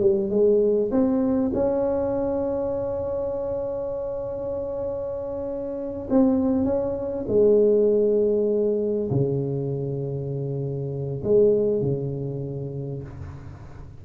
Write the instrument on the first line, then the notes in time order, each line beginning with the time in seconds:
tuba
0.00 G3
0.30 G#3
0.91 C4
1.54 C#4
6.10 C4
6.64 C#4
7.28 G#3
9.10 C#3
11.23 G#3
11.81 C#3